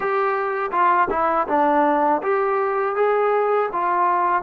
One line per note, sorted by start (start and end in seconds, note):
0.00 0.70 G4
0.71 1.08 F4
1.10 1.47 E4
1.47 2.21 D4
2.22 2.95 G4
2.95 3.69 G#4
3.72 4.42 F4